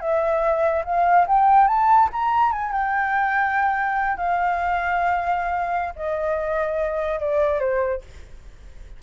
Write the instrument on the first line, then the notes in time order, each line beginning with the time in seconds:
flute
0.00 E5
0.84 F5
1.27 G5
1.67 A5
2.12 A#5
2.52 G#5
2.71 G5
4.17 F5
5.95 D#5
7.20 D5
7.59 C5